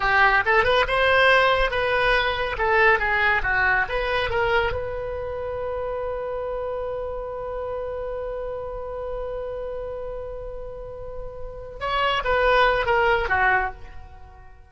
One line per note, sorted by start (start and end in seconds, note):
0.00 0.43 G4
0.45 0.64 A4
0.64 0.85 B4
0.87 1.70 C5
1.70 2.56 B4
2.57 2.99 A4
2.99 3.42 G#4
3.43 3.86 F#4
3.88 4.30 B4
4.30 4.72 A#4
4.72 11.79 B4
11.80 12.22 C#5
12.24 12.86 B4
12.86 13.28 A#4
13.28 13.71 F#4